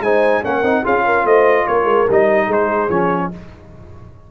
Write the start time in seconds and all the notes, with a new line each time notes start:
0.00 G#3 D#4 C5 G#5
0.43 A#3 C#4 A#4 F#5
0.62 C4 D#4
0.84 C#4 F4 G#4 F5
1.06 A#4
1.24 A3 C5 D#5
1.67 A#3 A#4 C#5
1.84 G#3
2.10 G3 D#4 D#5
2.48 G#3 G#4 C5
2.89 F3 C#4 C#5